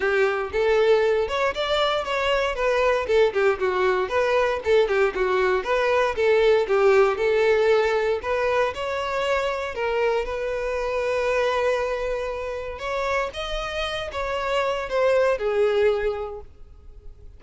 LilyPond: \new Staff \with { instrumentName = "violin" } { \time 4/4 \tempo 4 = 117 g'4 a'4. cis''8 d''4 | cis''4 b'4 a'8 g'8 fis'4 | b'4 a'8 g'8 fis'4 b'4 | a'4 g'4 a'2 |
b'4 cis''2 ais'4 | b'1~ | b'4 cis''4 dis''4. cis''8~ | cis''4 c''4 gis'2 | }